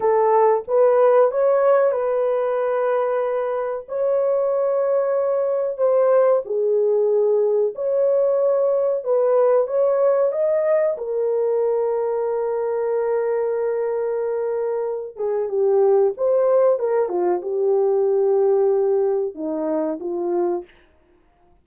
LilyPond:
\new Staff \with { instrumentName = "horn" } { \time 4/4 \tempo 4 = 93 a'4 b'4 cis''4 b'4~ | b'2 cis''2~ | cis''4 c''4 gis'2 | cis''2 b'4 cis''4 |
dis''4 ais'2.~ | ais'2.~ ais'8 gis'8 | g'4 c''4 ais'8 f'8 g'4~ | g'2 dis'4 f'4 | }